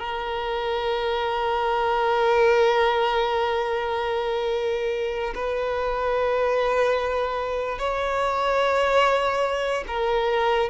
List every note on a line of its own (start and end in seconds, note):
0.00 5.34 A#4
5.35 7.79 B4
7.79 9.84 C#5
9.87 10.70 A#4